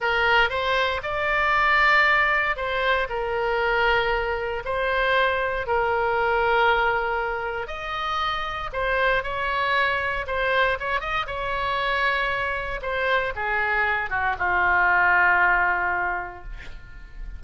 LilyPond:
\new Staff \with { instrumentName = "oboe" } { \time 4/4 \tempo 4 = 117 ais'4 c''4 d''2~ | d''4 c''4 ais'2~ | ais'4 c''2 ais'4~ | ais'2. dis''4~ |
dis''4 c''4 cis''2 | c''4 cis''8 dis''8 cis''2~ | cis''4 c''4 gis'4. fis'8 | f'1 | }